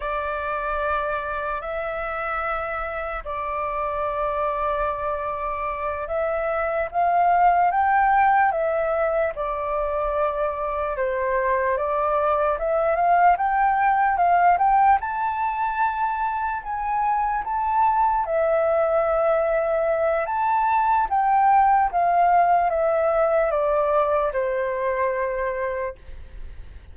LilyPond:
\new Staff \with { instrumentName = "flute" } { \time 4/4 \tempo 4 = 74 d''2 e''2 | d''2.~ d''8 e''8~ | e''8 f''4 g''4 e''4 d''8~ | d''4. c''4 d''4 e''8 |
f''8 g''4 f''8 g''8 a''4.~ | a''8 gis''4 a''4 e''4.~ | e''4 a''4 g''4 f''4 | e''4 d''4 c''2 | }